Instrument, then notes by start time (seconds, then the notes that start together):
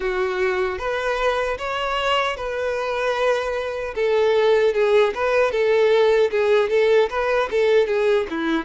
violin
0.00 F#4
0.78 B4
1.58 C#5
2.36 B4
3.95 A4
4.74 G#4
5.14 B4
5.51 A4
6.31 G#4
6.69 A4
7.09 B4
7.50 A4
7.87 G#4
8.29 E4